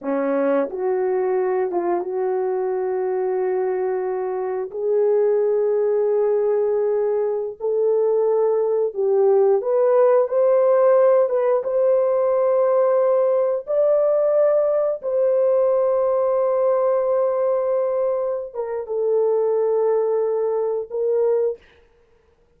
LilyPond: \new Staff \with { instrumentName = "horn" } { \time 4/4 \tempo 4 = 89 cis'4 fis'4. f'8 fis'4~ | fis'2. gis'4~ | gis'2.~ gis'16 a'8.~ | a'4~ a'16 g'4 b'4 c''8.~ |
c''8. b'8 c''2~ c''8.~ | c''16 d''2 c''4.~ c''16~ | c''2.~ c''8 ais'8 | a'2. ais'4 | }